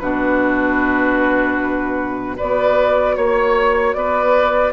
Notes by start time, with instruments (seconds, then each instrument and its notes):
0.00 bassoon B2, clarinet D4, oboe F#4, flute B4
2.37 bassoon B3, clarinet F#4, oboe B4, flute D5
3.17 bassoon A#3, flute C#5, oboe C#5
3.94 bassoon B3, oboe B4, flute D5